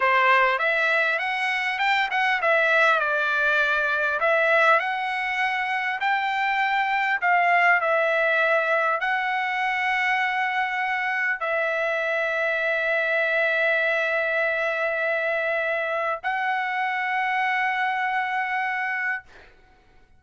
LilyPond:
\new Staff \with { instrumentName = "trumpet" } { \time 4/4 \tempo 4 = 100 c''4 e''4 fis''4 g''8 fis''8 | e''4 d''2 e''4 | fis''2 g''2 | f''4 e''2 fis''4~ |
fis''2. e''4~ | e''1~ | e''2. fis''4~ | fis''1 | }